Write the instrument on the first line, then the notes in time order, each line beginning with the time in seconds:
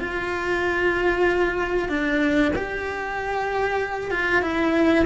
cello
0.00 F4
1.89 D4
2.56 G4
4.11 F4
4.42 E4